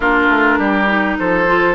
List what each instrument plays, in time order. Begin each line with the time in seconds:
0.00 bassoon A#3, clarinet D4, oboe F4, flute A#4
0.29 bassoon A3
0.58 bassoon G3, oboe G4
0.86 clarinet D#4
1.18 bassoon F3, oboe A4, flute C5
1.47 clarinet F4